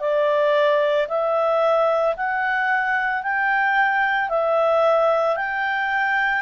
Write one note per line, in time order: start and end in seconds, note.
0.00 1.07 D5
1.08 2.15 E5
2.16 3.22 F#5
3.22 4.29 G5
4.29 5.36 E5
5.36 6.41 G5